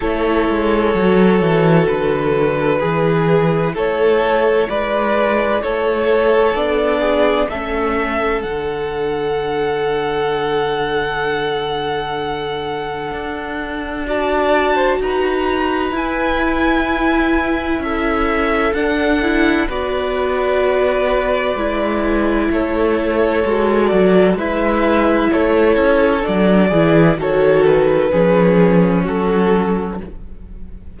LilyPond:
<<
  \new Staff \with { instrumentName = "violin" } { \time 4/4 \tempo 4 = 64 cis''2 b'2 | cis''4 d''4 cis''4 d''4 | e''4 fis''2.~ | fis''2. a''4 |
ais''4 gis''2 e''4 | fis''4 d''2. | cis''4. d''8 e''4 cis''4 | d''4 cis''8 b'4. a'4 | }
  \new Staff \with { instrumentName = "violin" } { \time 4/4 a'2. gis'4 | a'4 b'4 a'4. gis'8 | a'1~ | a'2. d''8. c''16 |
b'2. a'4~ | a'4 b'2. | a'2 b'4 a'4~ | a'8 gis'8 a'4 gis'4 fis'4 | }
  \new Staff \with { instrumentName = "viola" } { \time 4/4 e'4 fis'2 e'4~ | e'2. d'4 | cis'4 d'2.~ | d'2. fis'4~ |
fis'4 e'2. | d'8 e'8 fis'2 e'4~ | e'4 fis'4 e'2 | d'8 e'8 fis'4 cis'2 | }
  \new Staff \with { instrumentName = "cello" } { \time 4/4 a8 gis8 fis8 e8 d4 e4 | a4 gis4 a4 b4 | a4 d2.~ | d2 d'2 |
dis'4 e'2 cis'4 | d'4 b2 gis4 | a4 gis8 fis8 gis4 a8 cis'8 | fis8 e8 dis4 f4 fis4 | }
>>